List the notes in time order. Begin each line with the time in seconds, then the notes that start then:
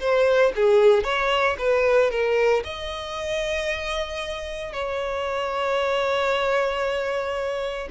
0.00 C5
0.56 G#4
1.04 C#5
1.59 B4
2.11 A#4
2.64 D#5
4.73 C#5